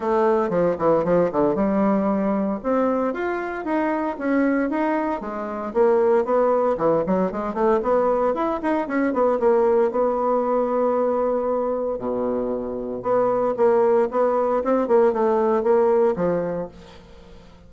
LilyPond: \new Staff \with { instrumentName = "bassoon" } { \time 4/4 \tempo 4 = 115 a4 f8 e8 f8 d8 g4~ | g4 c'4 f'4 dis'4 | cis'4 dis'4 gis4 ais4 | b4 e8 fis8 gis8 a8 b4 |
e'8 dis'8 cis'8 b8 ais4 b4~ | b2. b,4~ | b,4 b4 ais4 b4 | c'8 ais8 a4 ais4 f4 | }